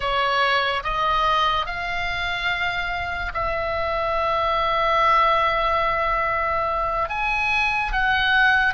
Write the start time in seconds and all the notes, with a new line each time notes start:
0.00 C#5
0.83 D#5
1.66 F5
3.34 E5
7.09 G#5
7.92 F#5